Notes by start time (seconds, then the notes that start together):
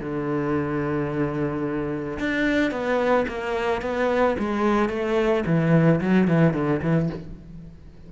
0.00 D3
2.19 D4
2.71 B3
3.28 A#3
3.82 B3
4.39 G#3
4.89 A3
5.46 E3
6.01 F#3
6.27 E3
6.54 D3
6.82 E3